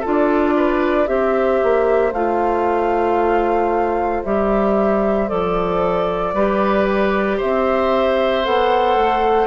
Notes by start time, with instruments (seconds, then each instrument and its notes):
0.00 clarinet F4, oboe A4
0.06 bassoon D4, flute D5
0.56 oboe B4
1.06 bassoon C4, clarinet G4, oboe C5, flute E5
1.63 bassoon A#3
2.12 bassoon A3, clarinet F4, flute F5
4.23 bassoon G3, clarinet G4, flute E5
5.28 bassoon F3, clarinet A4, flute D5
6.33 bassoon G3, clarinet G4, oboe B4
7.37 bassoon C4, oboe C5, flute E5
8.44 bassoon B3, clarinet A4, flute F#5
8.95 bassoon A3